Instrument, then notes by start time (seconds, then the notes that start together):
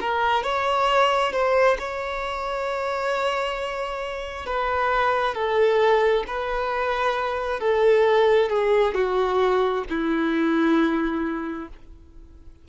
violin
0.00 A#4
0.43 C#5
1.32 C5
1.79 C#5
4.46 B4
5.34 A4
6.27 B4
7.60 A4
8.50 G#4
8.94 F#4
9.89 E4